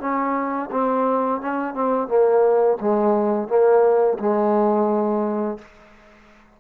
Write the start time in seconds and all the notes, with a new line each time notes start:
0.00 C#4
0.71 C4
1.41 C#4
1.74 C4
2.08 A#3
2.81 G#3
3.48 A#3
4.19 G#3